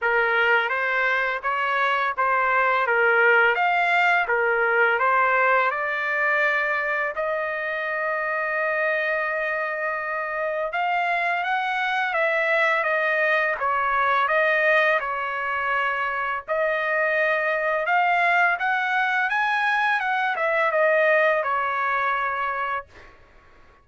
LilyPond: \new Staff \with { instrumentName = "trumpet" } { \time 4/4 \tempo 4 = 84 ais'4 c''4 cis''4 c''4 | ais'4 f''4 ais'4 c''4 | d''2 dis''2~ | dis''2. f''4 |
fis''4 e''4 dis''4 cis''4 | dis''4 cis''2 dis''4~ | dis''4 f''4 fis''4 gis''4 | fis''8 e''8 dis''4 cis''2 | }